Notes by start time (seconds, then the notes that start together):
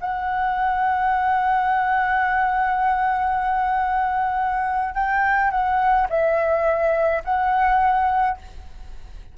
0.00 F#5
4.94 G5
5.51 F#5
6.10 E5
7.24 F#5